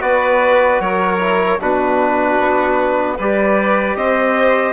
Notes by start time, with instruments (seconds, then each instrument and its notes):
0.00 bassoon B3, trombone F#4, violin B4, trumpet D5
0.80 bassoon F#3, violin A#4, trumpet C#5
1.19 trombone E4
1.60 bassoon B2, trombone D4, violin F#4, trumpet B4
2.39 bassoon B3
3.17 bassoon G3, trombone G4, violin B4, trumpet D5
3.96 bassoon C4, violin C5, trumpet D#5